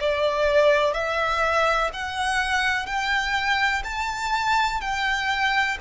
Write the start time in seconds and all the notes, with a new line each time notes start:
0.00 D5
0.94 E5
1.93 F#5
2.86 G5
3.84 A5
4.81 G5